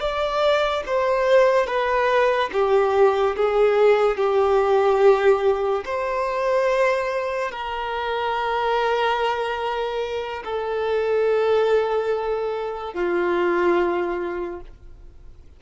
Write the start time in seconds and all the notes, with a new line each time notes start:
0.00 D5
0.86 C5
1.66 B4
2.52 G4
3.36 G#4
4.17 G4
5.85 C5
7.51 A#4
10.44 A4
12.94 F4